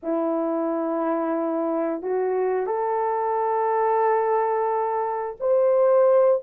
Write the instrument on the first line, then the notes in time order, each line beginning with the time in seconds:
horn
0.02 E4
2.02 F#4
2.66 A4
5.40 C5